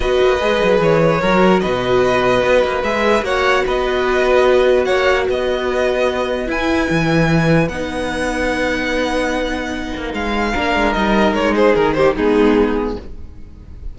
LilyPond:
<<
  \new Staff \with { instrumentName = "violin" } { \time 4/4 \tempo 4 = 148 dis''2 cis''2 | dis''2. e''4 | fis''4 dis''2. | fis''4 dis''2. |
gis''2. fis''4~ | fis''1~ | fis''4 f''2 dis''4 | cis''8 c''8 ais'8 c''8 gis'2 | }
  \new Staff \with { instrumentName = "violin" } { \time 4/4 b'2. ais'4 | b'1 | cis''4 b'2. | cis''4 b'2.~ |
b'1~ | b'1~ | b'2 ais'2~ | ais'8 gis'4 g'8 dis'2 | }
  \new Staff \with { instrumentName = "viola" } { \time 4/4 fis'4 gis'2 fis'4~ | fis'2. gis'4 | fis'1~ | fis'1 |
e'2. dis'4~ | dis'1~ | dis'2 d'4 dis'4~ | dis'2 b2 | }
  \new Staff \with { instrumentName = "cello" } { \time 4/4 b8 ais8 gis8 fis8 e4 fis4 | b,2 b8 ais8 gis4 | ais4 b2. | ais4 b2. |
e'4 e2 b4~ | b1~ | b8 ais8 gis4 ais8 gis8 g4 | gis4 dis4 gis2 | }
>>